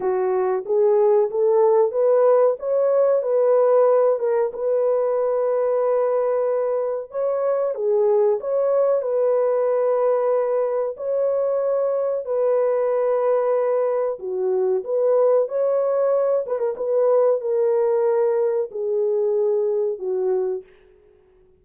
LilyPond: \new Staff \with { instrumentName = "horn" } { \time 4/4 \tempo 4 = 93 fis'4 gis'4 a'4 b'4 | cis''4 b'4. ais'8 b'4~ | b'2. cis''4 | gis'4 cis''4 b'2~ |
b'4 cis''2 b'4~ | b'2 fis'4 b'4 | cis''4. b'16 ais'16 b'4 ais'4~ | ais'4 gis'2 fis'4 | }